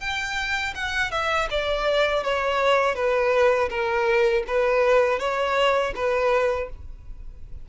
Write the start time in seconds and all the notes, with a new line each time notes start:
0.00 G5
0.75 F#5
1.11 E5
1.50 D5
2.24 C#5
2.95 B4
3.69 A#4
4.47 B4
5.19 C#5
5.95 B4